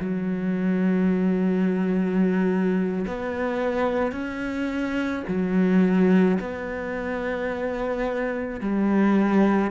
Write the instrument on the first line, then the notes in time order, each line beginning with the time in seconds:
cello
0.00 F#3
3.07 B3
4.12 C#4
5.28 F#3
6.39 B3
8.61 G3